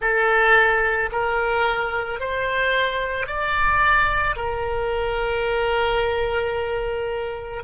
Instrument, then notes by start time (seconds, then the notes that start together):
oboe
0.00 A4
1.12 A#4
2.20 C5
3.27 D5
4.35 A#4